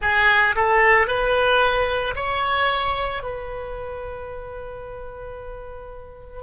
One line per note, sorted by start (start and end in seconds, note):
0.01 0.55 G#4
0.56 1.07 A4
1.07 2.14 B4
2.15 3.22 C#5
3.22 6.42 B4